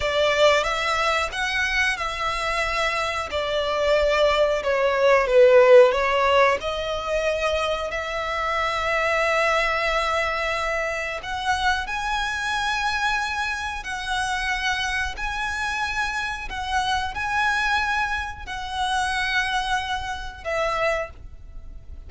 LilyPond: \new Staff \with { instrumentName = "violin" } { \time 4/4 \tempo 4 = 91 d''4 e''4 fis''4 e''4~ | e''4 d''2 cis''4 | b'4 cis''4 dis''2 | e''1~ |
e''4 fis''4 gis''2~ | gis''4 fis''2 gis''4~ | gis''4 fis''4 gis''2 | fis''2. e''4 | }